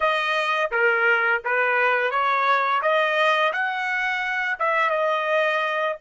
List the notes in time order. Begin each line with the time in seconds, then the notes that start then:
0.00 D#5
0.71 A#4
1.44 B4
2.10 C#5
2.81 D#5
3.52 F#5
4.59 E5
4.90 D#5